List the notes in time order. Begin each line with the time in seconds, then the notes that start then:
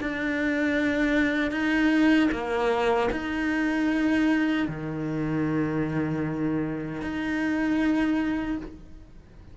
0.00 D4
1.51 D#4
2.32 A#3
3.11 D#4
4.68 D#3
7.01 D#4